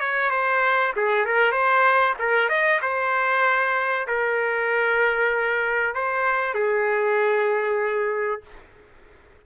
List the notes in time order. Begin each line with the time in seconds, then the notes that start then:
0.00 C#5
0.31 C5
0.97 G#4
1.26 A#4
1.52 C5
2.20 A#4
2.49 D#5
2.82 C5
4.08 A#4
5.95 C5
6.55 G#4